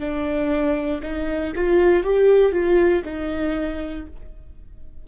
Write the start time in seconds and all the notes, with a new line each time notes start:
0.00 D4
1.03 D#4
1.56 F4
2.03 G4
2.52 F4
3.05 D#4